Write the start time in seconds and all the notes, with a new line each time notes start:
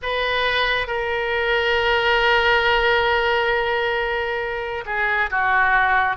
0.02 B4
0.87 A#4
4.85 G#4
5.30 F#4